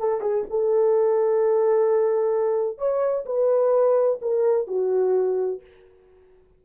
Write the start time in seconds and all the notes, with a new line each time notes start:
0.00 A4
0.21 G#4
0.50 A4
2.78 C#5
3.26 B4
4.22 A#4
4.67 F#4